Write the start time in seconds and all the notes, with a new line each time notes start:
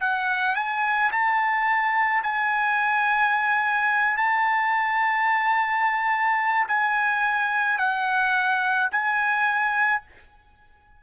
0.00 F#5
0.56 G#5
1.12 A5
2.23 G#5
4.17 A5
6.68 G#5
7.78 F#5
8.91 G#5